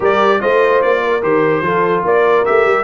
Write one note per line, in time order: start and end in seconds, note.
0.00 0.40 G3
0.00 0.40 G4
0.00 0.40 A#4
0.00 0.41 D5
0.40 0.83 A3
0.40 1.21 F4
0.40 1.02 C5
0.40 0.81 D#5
0.81 1.22 A#3
0.81 1.22 D5
1.03 1.64 A#4
1.22 1.61 D#3
1.22 1.63 G4
1.22 2.04 C5
1.61 2.02 F3
1.61 2.45 F4
1.61 2.03 A4
2.03 2.45 A#3
2.03 2.84 A#4
2.03 2.45 D5
2.45 2.65 A3
2.45 2.84 G4
2.45 2.84 E5
2.65 2.84 G3